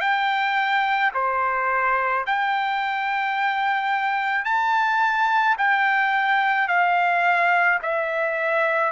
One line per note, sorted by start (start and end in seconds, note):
0.00 1.11 G5
1.14 2.25 C5
2.26 4.44 G5
4.44 5.56 A5
5.58 6.68 G5
6.68 7.79 F5
7.82 8.92 E5